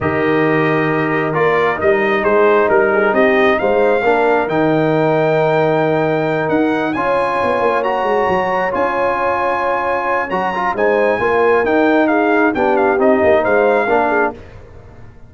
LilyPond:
<<
  \new Staff \with { instrumentName = "trumpet" } { \time 4/4 \tempo 4 = 134 dis''2. d''4 | dis''4 c''4 ais'4 dis''4 | f''2 g''2~ | g''2~ g''8 fis''4 gis''8~ |
gis''4. ais''2 gis''8~ | gis''2. ais''4 | gis''2 g''4 f''4 | g''8 f''8 dis''4 f''2 | }
  \new Staff \with { instrumentName = "horn" } { \time 4/4 ais'1~ | ais'4 gis'4 ais'8 gis'8 g'4 | c''4 ais'2.~ | ais'2.~ ais'8 cis''8~ |
cis''1~ | cis''1 | c''4 ais'2 gis'4 | g'2 c''4 ais'8 gis'8 | }
  \new Staff \with { instrumentName = "trombone" } { \time 4/4 g'2. f'4 | dis'1~ | dis'4 d'4 dis'2~ | dis'2.~ dis'8 f'8~ |
f'4. fis'2 f'8~ | f'2. fis'8 f'8 | dis'4 f'4 dis'2 | d'4 dis'2 d'4 | }
  \new Staff \with { instrumentName = "tuba" } { \time 4/4 dis2. ais4 | g4 gis4 g4 c'4 | gis4 ais4 dis2~ | dis2~ dis8 dis'4 cis'8~ |
cis'8 b8 ais4 gis8 fis4 cis'8~ | cis'2. fis4 | gis4 ais4 dis'2 | b4 c'8 ais8 gis4 ais4 | }
>>